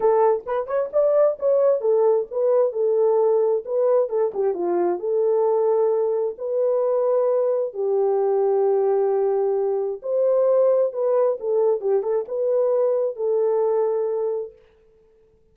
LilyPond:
\new Staff \with { instrumentName = "horn" } { \time 4/4 \tempo 4 = 132 a'4 b'8 cis''8 d''4 cis''4 | a'4 b'4 a'2 | b'4 a'8 g'8 f'4 a'4~ | a'2 b'2~ |
b'4 g'2.~ | g'2 c''2 | b'4 a'4 g'8 a'8 b'4~ | b'4 a'2. | }